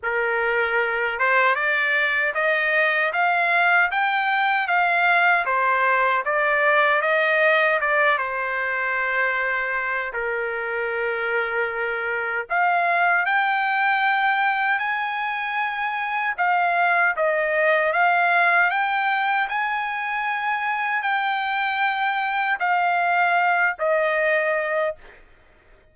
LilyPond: \new Staff \with { instrumentName = "trumpet" } { \time 4/4 \tempo 4 = 77 ais'4. c''8 d''4 dis''4 | f''4 g''4 f''4 c''4 | d''4 dis''4 d''8 c''4.~ | c''4 ais'2. |
f''4 g''2 gis''4~ | gis''4 f''4 dis''4 f''4 | g''4 gis''2 g''4~ | g''4 f''4. dis''4. | }